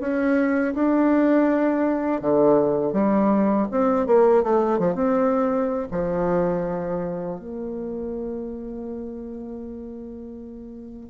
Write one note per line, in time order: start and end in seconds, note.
0.00 0.74 C#4
0.74 2.21 D4
2.21 2.93 D3
2.93 3.67 G3
3.71 4.06 C4
4.06 4.43 A#3
4.43 4.78 A3
4.78 4.95 F3
4.95 5.88 C4
5.91 7.39 F3
7.39 11.09 A#3